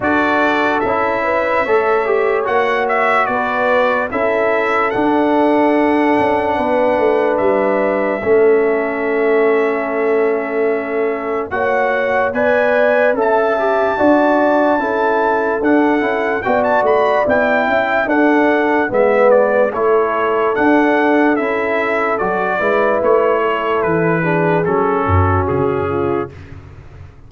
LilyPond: <<
  \new Staff \with { instrumentName = "trumpet" } { \time 4/4 \tempo 4 = 73 d''4 e''2 fis''8 e''8 | d''4 e''4 fis''2~ | fis''4 e''2.~ | e''2 fis''4 gis''4 |
a''2. fis''4 | g''16 a''16 b''8 g''4 fis''4 e''8 d''8 | cis''4 fis''4 e''4 d''4 | cis''4 b'4 a'4 gis'4 | }
  \new Staff \with { instrumentName = "horn" } { \time 4/4 a'4. b'8 cis''2 | b'4 a'2. | b'2 a'2~ | a'2 cis''4 d''4 |
e''4 d''4 a'2 | d''4. e''8 a'4 b'4 | a'2.~ a'8 b'8~ | b'8 a'4 gis'4 fis'4 f'8 | }
  \new Staff \with { instrumentName = "trombone" } { \time 4/4 fis'4 e'4 a'8 g'8 fis'4~ | fis'4 e'4 d'2~ | d'2 cis'2~ | cis'2 fis'4 b'4 |
a'8 g'8 fis'4 e'4 d'8 e'8 | fis'4 e'4 d'4 b4 | e'4 d'4 e'4 fis'8 e'8~ | e'4. d'8 cis'2 | }
  \new Staff \with { instrumentName = "tuba" } { \time 4/4 d'4 cis'4 a4 ais4 | b4 cis'4 d'4. cis'8 | b8 a8 g4 a2~ | a2 ais4 b4 |
cis'4 d'4 cis'4 d'8 cis'8 | b8 a8 b8 cis'8 d'4 gis4 | a4 d'4 cis'4 fis8 gis8 | a4 e4 fis8 fis,8 cis4 | }
>>